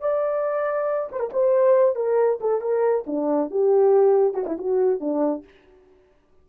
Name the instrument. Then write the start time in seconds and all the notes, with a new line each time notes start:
horn
0.00 D5
1.11 C5
1.19 A#4
1.33 C5
1.95 A#4
2.40 A4
2.61 A#4
3.07 D4
3.50 G4
4.34 F#4
4.46 E4
4.58 F#4
5.00 D4